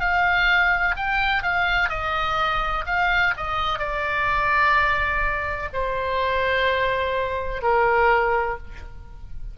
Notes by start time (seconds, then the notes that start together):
0.00 F5
0.96 G5
1.43 F5
1.89 D#5
2.86 F5
3.37 D#5
3.79 D5
5.73 C5
7.62 A#4